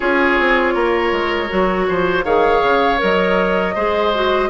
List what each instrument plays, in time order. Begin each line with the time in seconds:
0.00 bassoon C#4, clarinet F4, oboe G#4, flute C#5
0.39 bassoon C4
0.74 bassoon A#3, oboe A#4
1.12 bassoon G#3
1.48 bassoon F#3, clarinet F#4
1.88 bassoon F3, oboe C5
2.24 bassoon D#3, clarinet G#4, oboe C#5, flute F5
2.62 bassoon C#3
2.98 bassoon F#3, clarinet A#4, flute D#5
3.75 bassoon G#3, clarinet G#4, oboe C5
4.14 clarinet F#4